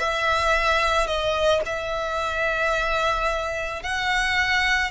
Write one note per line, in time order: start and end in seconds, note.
0.00 1.07 E5
1.07 1.62 D#5
1.66 3.83 E5
3.83 4.91 F#5